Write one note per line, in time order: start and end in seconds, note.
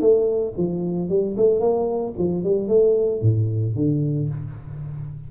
0.00 0.54 A3
0.57 1.09 F3
1.09 1.36 G3
1.37 1.60 A3
1.60 2.13 A#3
2.18 2.44 F3
2.44 2.68 G3
2.68 3.21 A3
3.21 3.75 A2
3.75 4.29 D3